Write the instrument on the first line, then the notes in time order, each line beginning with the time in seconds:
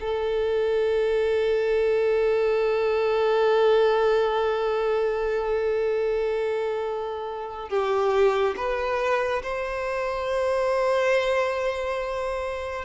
violin
0.00 A4
7.69 G4
8.56 B4
9.42 C5